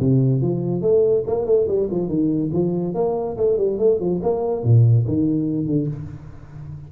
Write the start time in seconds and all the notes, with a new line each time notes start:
0.00 C3
0.42 F3
0.82 A3
1.27 A#3
1.46 A3
1.68 G3
1.91 F3
2.08 D#3
2.53 F3
2.95 A#3
3.37 A3
3.57 G3
3.79 A3
4.00 F3
4.23 A#3
4.64 A#2
5.08 D#3
5.67 D3